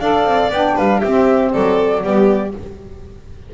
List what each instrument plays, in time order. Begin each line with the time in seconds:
0.00 double bass D4, saxophone A4, violin D5, flute F5
0.25 double bass C4
0.51 double bass B3, saxophone D4, flute G5
0.75 double bass G3, violin B4, flute F5
1.00 double bass C4, saxophone C4, violin G4, flute E5
1.53 double bass F#3, violin A4, flute D5
2.02 double bass G3, saxophone B3, violin G4